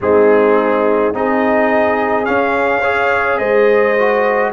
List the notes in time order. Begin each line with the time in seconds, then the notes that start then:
0.00 G#3 C4 D#4 G#4
1.13 C4 D#4 G#4 D#5
2.25 C#4 F5
2.80 G#4 C#5
3.38 G#3 C5 D#5
3.98 F#4